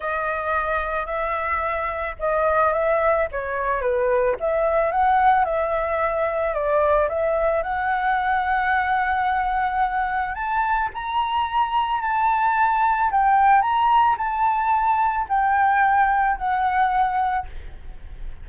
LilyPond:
\new Staff \with { instrumentName = "flute" } { \time 4/4 \tempo 4 = 110 dis''2 e''2 | dis''4 e''4 cis''4 b'4 | e''4 fis''4 e''2 | d''4 e''4 fis''2~ |
fis''2. a''4 | ais''2 a''2 | g''4 ais''4 a''2 | g''2 fis''2 | }